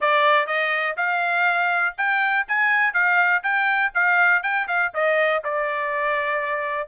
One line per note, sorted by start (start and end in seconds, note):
0.00 0.46 D5
0.46 0.96 D#5
0.96 1.95 F5
1.97 2.47 G5
2.47 2.93 G#5
2.93 3.42 F5
3.43 3.92 G5
3.94 4.42 F5
4.42 4.67 G5
4.67 4.92 F5
4.93 5.43 D#5
5.43 6.88 D5